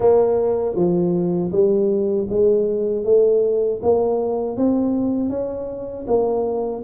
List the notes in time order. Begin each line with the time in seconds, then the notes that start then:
0.00 A#3
0.75 F3
1.51 G3
2.29 G#3
3.04 A3
3.82 A#3
4.56 C4
5.29 C#4
6.07 A#3